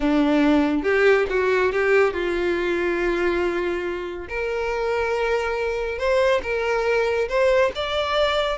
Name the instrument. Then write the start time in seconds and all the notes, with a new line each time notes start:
violin
0.00 D4
0.83 G4
1.29 F#4
1.72 G4
2.13 F4
4.29 A#4
5.98 C5
6.42 A#4
7.29 C5
7.75 D5